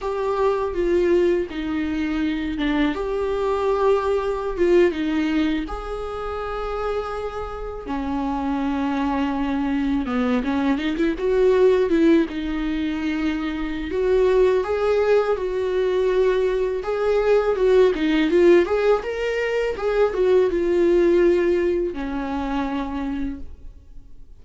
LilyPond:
\new Staff \with { instrumentName = "viola" } { \time 4/4 \tempo 4 = 82 g'4 f'4 dis'4. d'8 | g'2~ g'16 f'8 dis'4 gis'16~ | gis'2~ gis'8. cis'4~ cis'16~ | cis'4.~ cis'16 b8 cis'8 dis'16 e'16 fis'8.~ |
fis'16 e'8 dis'2~ dis'16 fis'4 | gis'4 fis'2 gis'4 | fis'8 dis'8 f'8 gis'8 ais'4 gis'8 fis'8 | f'2 cis'2 | }